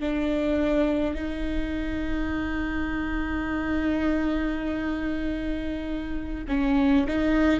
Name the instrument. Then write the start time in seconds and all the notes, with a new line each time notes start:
viola
0.00 D4
1.15 D#4
6.48 C#4
7.07 D#4